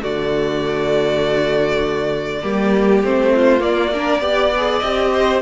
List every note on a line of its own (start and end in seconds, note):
0.00 2.43 D3
0.00 2.40 A3
0.00 2.42 F#4
0.00 3.03 D5
2.43 3.02 G3
2.43 3.03 A#3
2.43 3.33 G4
3.02 3.61 A3
3.02 3.60 C4
3.02 3.62 C5
3.35 3.93 F4
3.60 3.90 A#3
3.60 4.21 A#3
3.60 4.79 D5
3.93 4.21 D4
3.93 4.21 A#4
4.21 4.80 B3
4.21 4.50 G4
4.21 5.11 D5
4.56 4.82 G#4
4.79 5.42 C4
4.79 5.42 G4
4.79 5.39 D#5
5.13 5.42 C5